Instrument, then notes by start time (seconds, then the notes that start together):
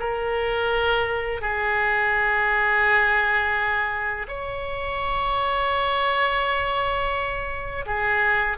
oboe
0.00 A#4
1.42 G#4
4.29 C#5
7.86 G#4